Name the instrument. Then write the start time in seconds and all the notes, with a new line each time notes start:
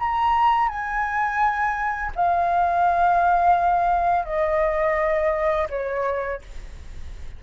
flute
0.00 A#5
0.69 G#5
2.16 F5
4.25 D#5
5.70 C#5